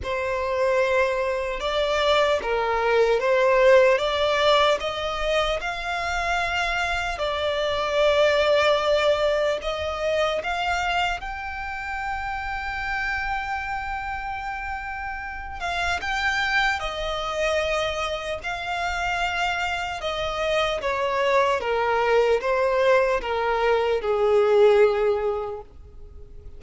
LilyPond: \new Staff \with { instrumentName = "violin" } { \time 4/4 \tempo 4 = 75 c''2 d''4 ais'4 | c''4 d''4 dis''4 f''4~ | f''4 d''2. | dis''4 f''4 g''2~ |
g''2.~ g''8 f''8 | g''4 dis''2 f''4~ | f''4 dis''4 cis''4 ais'4 | c''4 ais'4 gis'2 | }